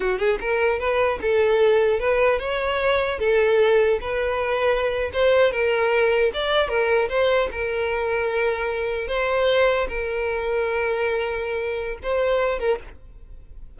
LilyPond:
\new Staff \with { instrumentName = "violin" } { \time 4/4 \tempo 4 = 150 fis'8 gis'8 ais'4 b'4 a'4~ | a'4 b'4 cis''2 | a'2 b'2~ | b'8. c''4 ais'2 d''16~ |
d''8. ais'4 c''4 ais'4~ ais'16~ | ais'2~ ais'8. c''4~ c''16~ | c''8. ais'2.~ ais'16~ | ais'2 c''4. ais'8 | }